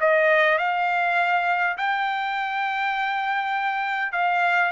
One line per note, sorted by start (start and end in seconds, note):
0.00 0.58 D#5
0.58 1.77 F5
1.77 4.12 G5
4.12 4.71 F5